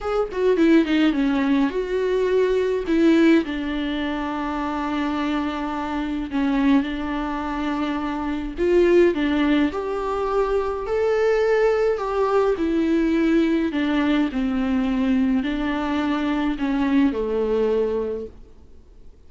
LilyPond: \new Staff \with { instrumentName = "viola" } { \time 4/4 \tempo 4 = 105 gis'8 fis'8 e'8 dis'8 cis'4 fis'4~ | fis'4 e'4 d'2~ | d'2. cis'4 | d'2. f'4 |
d'4 g'2 a'4~ | a'4 g'4 e'2 | d'4 c'2 d'4~ | d'4 cis'4 a2 | }